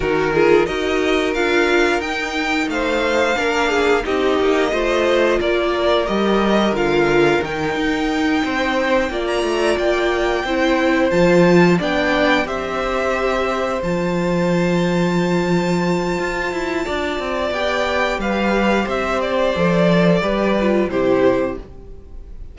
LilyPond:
<<
  \new Staff \with { instrumentName = "violin" } { \time 4/4 \tempo 4 = 89 ais'4 dis''4 f''4 g''4 | f''2 dis''2 | d''4 dis''4 f''4 g''4~ | g''4.~ g''16 ais''8. g''4.~ |
g''8 a''4 g''4 e''4.~ | e''8 a''2.~ a''8~ | a''2 g''4 f''4 | e''8 d''2~ d''8 c''4 | }
  \new Staff \with { instrumentName = "violin" } { \time 4/4 fis'8 gis'8 ais'2. | c''4 ais'8 gis'8 g'4 c''4 | ais'1~ | ais'8 c''4 d''2 c''8~ |
c''4. d''4 c''4.~ | c''1~ | c''4 d''2 b'4 | c''2 b'4 g'4 | }
  \new Staff \with { instrumentName = "viola" } { \time 4/4 dis'8 f'8 fis'4 f'4 dis'4~ | dis'4 d'4 dis'4 f'4~ | f'4 g'4 f'4 dis'4~ | dis'4. f'2 e'8~ |
e'8 f'4 d'4 g'4.~ | g'8 f'2.~ f'8~ | f'2 g'2~ | g'4 a'4 g'8 f'8 e'4 | }
  \new Staff \with { instrumentName = "cello" } { \time 4/4 dis4 dis'4 d'4 dis'4 | a4 ais4 c'8 ais8 a4 | ais4 g4 d4 dis8 dis'8~ | dis'8 c'4 ais8 a8 ais4 c'8~ |
c'8 f4 b4 c'4.~ | c'8 f2.~ f8 | f'8 e'8 d'8 c'8 b4 g4 | c'4 f4 g4 c4 | }
>>